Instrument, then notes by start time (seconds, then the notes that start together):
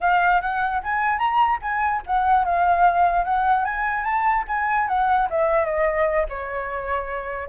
flute
0.01 F5
0.41 F#5
0.83 G#5
1.18 A#5
1.61 G#5
2.06 F#5
2.44 F5
3.24 F#5
3.64 G#5
4.04 A5
4.47 G#5
4.87 F#5
5.30 E5
5.65 D#5
6.29 C#5